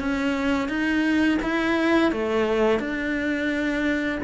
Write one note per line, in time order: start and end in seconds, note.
0.00 0.69 C#4
0.69 1.39 D#4
1.43 2.12 E4
2.12 2.80 A3
2.80 4.19 D4